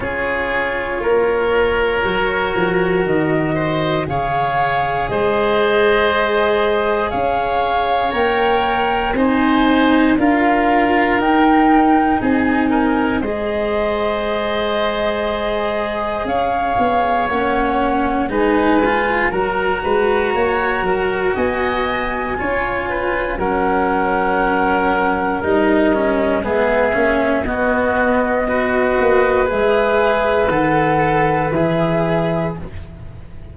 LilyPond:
<<
  \new Staff \with { instrumentName = "flute" } { \time 4/4 \tempo 4 = 59 cis''2. dis''4 | f''4 dis''2 f''4 | g''4 gis''4 f''4 g''4 | gis''4 dis''2. |
f''4 fis''4 gis''4 ais''4~ | ais''4 gis''2 fis''4~ | fis''4 dis''4 e''4 dis''4~ | dis''4 e''4 fis''4 e''4 | }
  \new Staff \with { instrumentName = "oboe" } { \time 4/4 gis'4 ais'2~ ais'8 c''8 | cis''4 c''2 cis''4~ | cis''4 c''4 ais'2 | gis'8 ais'8 c''2. |
cis''2 b'4 ais'8 b'8 | cis''8 ais'8 dis''4 cis''8 b'8 ais'4~ | ais'2 gis'4 fis'4 | b'1 | }
  \new Staff \with { instrumentName = "cello" } { \time 4/4 f'2 fis'2 | gis'1 | ais'4 dis'4 f'4 dis'4~ | dis'4 gis'2.~ |
gis'4 cis'4 dis'8 f'8 fis'4~ | fis'2 f'4 cis'4~ | cis'4 dis'8 cis'8 b8 cis'8 b4 | fis'4 gis'4 a'4 gis'4 | }
  \new Staff \with { instrumentName = "tuba" } { \time 4/4 cis'4 ais4 fis8 f8 dis4 | cis4 gis2 cis'4 | ais4 c'4 d'4 dis'4 | c'4 gis2. |
cis'8 b8 ais4 gis4 fis8 gis8 | ais8 fis8 b4 cis'4 fis4~ | fis4 g4 gis8 ais8 b4~ | b8 ais8 gis4 dis4 e4 | }
>>